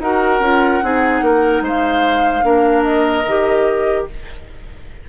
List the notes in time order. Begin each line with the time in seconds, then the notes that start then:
0.00 D#4 F#4 A#4 F#5
0.40 C#4 F4
0.83 C4 D#4 G#4
1.21 A#3 A#4
1.62 G#3 C5 F5
2.42 A#3 D4 A#4
2.83 D#5
3.26 D#3 G4